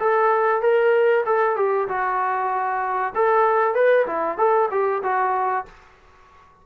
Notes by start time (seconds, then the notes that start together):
0.00 A4
0.62 A#4
1.26 A4
1.57 G4
1.89 F#4
3.15 A4
3.75 B4
4.07 E4
4.38 A4
4.71 G4
5.03 F#4